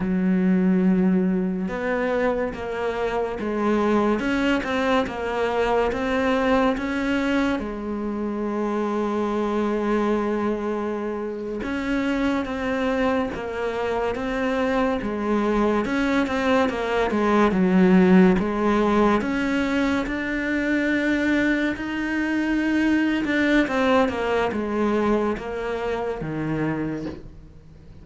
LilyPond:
\new Staff \with { instrumentName = "cello" } { \time 4/4 \tempo 4 = 71 fis2 b4 ais4 | gis4 cis'8 c'8 ais4 c'4 | cis'4 gis2.~ | gis4.~ gis16 cis'4 c'4 ais16~ |
ais8. c'4 gis4 cis'8 c'8 ais16~ | ais16 gis8 fis4 gis4 cis'4 d'16~ | d'4.~ d'16 dis'4.~ dis'16 d'8 | c'8 ais8 gis4 ais4 dis4 | }